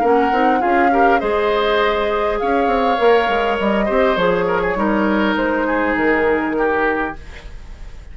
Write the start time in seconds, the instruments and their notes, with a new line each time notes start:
0.00 bassoon A#3, clarinet C#4, oboe A#4, flute F#5
0.32 bassoon C4, clarinet D#4
0.60 bassoon C#4, clarinet F4, oboe G#4, flute F5
0.91 clarinet G4, oboe A#4
1.20 bassoon G#3, clarinet G#4, oboe C5, flute D#5
2.39 bassoon C#4, oboe C#5, flute F5
2.67 bassoon C4
2.98 bassoon A#3, clarinet A#4
3.29 bassoon G#3
3.59 bassoon G3, flute D#5
3.86 bassoon C4, clarinet G4, oboe C5
4.17 bassoon F3, clarinet G#4, flute C#5
4.48 oboe A#4
4.62 oboe G#4
4.76 bassoon G3, clarinet D#4, oboe A#4
5.37 bassoon G#3, flute C5
5.67 oboe G#4
5.96 bassoon D#3, flute A#4
6.58 oboe G4